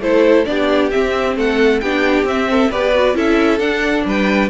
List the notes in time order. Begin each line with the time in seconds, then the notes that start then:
0.00 A3 E4 A4 C5
0.46 B3 D4 G4 D5
0.92 C4 E5
1.37 A3 A4 F#5
1.81 B3 D4 G4 G5
2.24 C4 E5
2.51 A4
2.71 B3 G4 B4 D5
2.95 F#4
3.15 C#4 E4 A4 E5
3.60 D4 F#5
4.06 G3 B4 G5